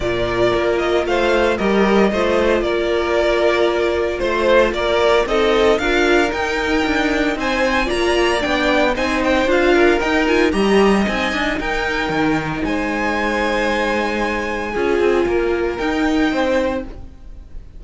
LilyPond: <<
  \new Staff \with { instrumentName = "violin" } { \time 4/4 \tempo 4 = 114 d''4. dis''8 f''4 dis''4~ | dis''4 d''2. | c''4 d''4 dis''4 f''4 | g''2 gis''4 ais''4 |
g''4 gis''8 g''8 f''4 g''8 gis''8 | ais''4 gis''4 g''2 | gis''1~ | gis''2 g''2 | }
  \new Staff \with { instrumentName = "violin" } { \time 4/4 ais'2 c''4 ais'4 | c''4 ais'2. | c''4 ais'4 a'4 ais'4~ | ais'2 c''4 d''4~ |
d''4 c''4. ais'4. | dis''2 ais'2 | c''1 | gis'4 ais'2 c''4 | }
  \new Staff \with { instrumentName = "viola" } { \time 4/4 f'2. g'4 | f'1~ | f'2 dis'4 f'4 | dis'2. f'4 |
d'4 dis'4 f'4 dis'8 f'8 | g'4 dis'2.~ | dis'1 | f'2 dis'2 | }
  \new Staff \with { instrumentName = "cello" } { \time 4/4 ais,4 ais4 a4 g4 | a4 ais2. | a4 ais4 c'4 d'4 | dis'4 d'4 c'4 ais4 |
b4 c'4 d'4 dis'4 | g4 c'8 d'8 dis'4 dis4 | gis1 | cis'8 c'8 ais4 dis'4 c'4 | }
>>